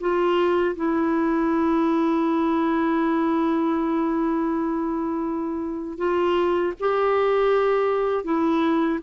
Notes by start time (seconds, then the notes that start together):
0.00 F4
0.75 E4
5.97 F4
6.79 G4
8.24 E4